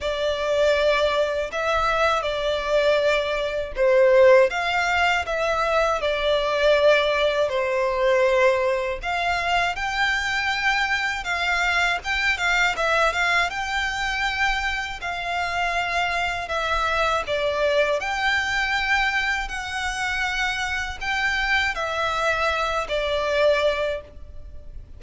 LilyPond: \new Staff \with { instrumentName = "violin" } { \time 4/4 \tempo 4 = 80 d''2 e''4 d''4~ | d''4 c''4 f''4 e''4 | d''2 c''2 | f''4 g''2 f''4 |
g''8 f''8 e''8 f''8 g''2 | f''2 e''4 d''4 | g''2 fis''2 | g''4 e''4. d''4. | }